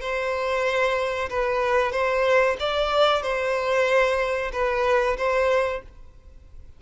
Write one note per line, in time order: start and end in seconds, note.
0.00 1.29 C5
1.29 1.92 B4
1.92 2.56 C5
2.59 3.22 D5
3.22 4.51 C5
4.52 5.16 B4
5.17 5.82 C5